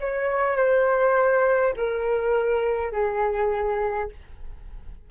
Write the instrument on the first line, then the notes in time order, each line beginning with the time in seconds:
flute
0.00 C#5
0.57 C5
1.77 A#4
2.92 G#4